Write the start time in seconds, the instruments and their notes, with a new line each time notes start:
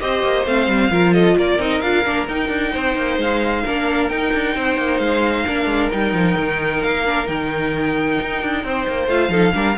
0.00 cello C4, viola G4, violin C5 D#5
0.23 cello A#3
0.46 cello A3, viola C4, violin F5
0.67 cello G3
0.91 cello F3, viola F4, violin A#4
1.14 violin A4 D#5
1.37 cello A#3, violin A#4 D5
1.59 cello C4, viola D#4, violin D#5
1.81 cello D4, viola F4, violin F5
2.05 cello A#3, viola D4
2.28 cello D#4, viola D#4, violin G5
2.49 cello D4
2.72 cello C4, violin C5
2.96 cello A#3
3.18 cello G#3, violin F5
3.65 cello A#3, viola D4, violin A#4
4.09 cello D#4, viola D#4, violin G5
4.34 cello D4
4.56 cello C4, violin C5
4.77 cello A#3
4.99 cello G#3, violin F5
5.45 cello A#3, viola D4, violin A#4
5.66 cello G#3
5.91 cello G3, viola D#4, violin G5
6.13 cello F3
6.38 cello D#3
6.83 cello A#3, violin F5
7.06 viola D4
7.26 cello D#3, viola D#4, violin G5
8.21 cello D#4
8.42 cello D4
8.64 cello C4, violin C5
8.88 cello A#3
9.08 cello A3, viola F4, violin F5
9.29 cello F3, viola D#4, violin A4
9.53 cello G3, viola D4, violin A#4